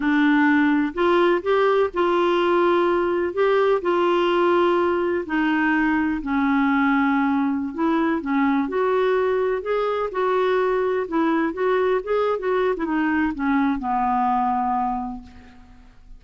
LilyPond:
\new Staff \with { instrumentName = "clarinet" } { \time 4/4 \tempo 4 = 126 d'2 f'4 g'4 | f'2. g'4 | f'2. dis'4~ | dis'4 cis'2.~ |
cis'16 e'4 cis'4 fis'4.~ fis'16~ | fis'16 gis'4 fis'2 e'8.~ | e'16 fis'4 gis'8. fis'8. e'16 dis'4 | cis'4 b2. | }